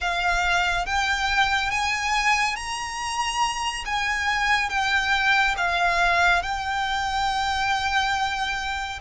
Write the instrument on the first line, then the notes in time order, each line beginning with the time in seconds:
violin
0.00 F5
0.86 G5
1.71 G#5
2.56 A#5
3.85 G#5
4.69 G5
5.57 F5
6.42 G5